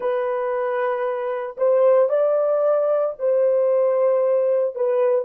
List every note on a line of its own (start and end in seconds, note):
0.00 1.56 B4
1.57 2.09 C5
2.09 3.14 D5
3.19 4.75 C5
4.75 5.25 B4